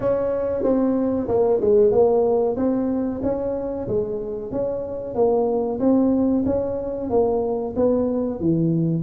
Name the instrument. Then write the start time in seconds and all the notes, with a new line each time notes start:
tuba
0.00 C#4
0.63 C4
1.28 A#3
1.60 G#3
1.91 A#3
2.56 C4
3.23 C#4
3.87 G#3
4.51 C#4
5.14 A#3
5.79 C4
6.45 C#4
7.09 A#3
7.76 B3
8.40 E3